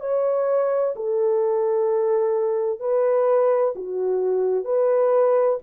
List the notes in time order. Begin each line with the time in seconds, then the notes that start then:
0.00 C#5
0.95 A4
2.80 B4
3.75 F#4
4.64 B4